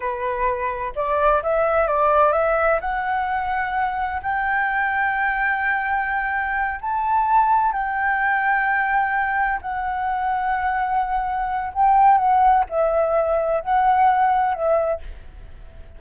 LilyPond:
\new Staff \with { instrumentName = "flute" } { \time 4/4 \tempo 4 = 128 b'2 d''4 e''4 | d''4 e''4 fis''2~ | fis''4 g''2.~ | g''2~ g''8 a''4.~ |
a''8 g''2.~ g''8~ | g''8 fis''2.~ fis''8~ | fis''4 g''4 fis''4 e''4~ | e''4 fis''2 e''4 | }